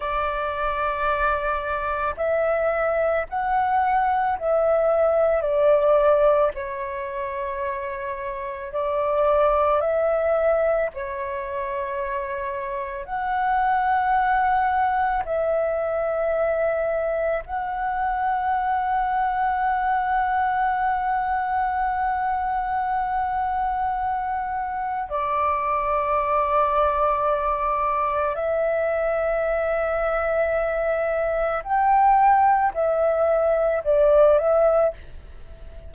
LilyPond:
\new Staff \with { instrumentName = "flute" } { \time 4/4 \tempo 4 = 55 d''2 e''4 fis''4 | e''4 d''4 cis''2 | d''4 e''4 cis''2 | fis''2 e''2 |
fis''1~ | fis''2. d''4~ | d''2 e''2~ | e''4 g''4 e''4 d''8 e''8 | }